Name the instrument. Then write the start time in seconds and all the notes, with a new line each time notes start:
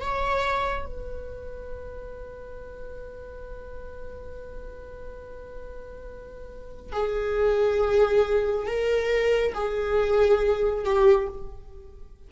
viola
0.00 C#5
0.85 B4
6.92 G#4
8.66 A#4
9.54 G#4
10.84 G4